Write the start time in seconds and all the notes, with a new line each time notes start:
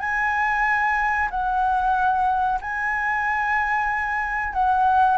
0.00 G#5
1.31 F#5
2.62 G#5
4.53 F#5